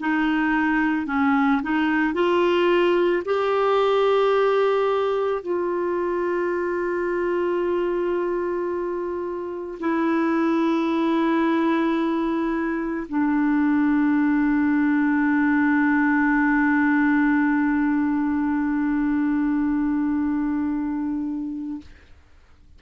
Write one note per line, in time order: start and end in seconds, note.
0.00 1.07 D#4
1.07 1.61 C#4
1.63 2.14 D#4
2.14 3.23 F4
3.25 5.42 G4
5.42 9.79 F4
9.80 13.07 E4
13.09 21.81 D4